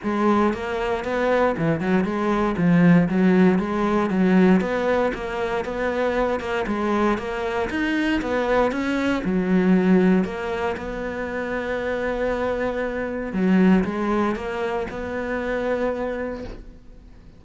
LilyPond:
\new Staff \with { instrumentName = "cello" } { \time 4/4 \tempo 4 = 117 gis4 ais4 b4 e8 fis8 | gis4 f4 fis4 gis4 | fis4 b4 ais4 b4~ | b8 ais8 gis4 ais4 dis'4 |
b4 cis'4 fis2 | ais4 b2.~ | b2 fis4 gis4 | ais4 b2. | }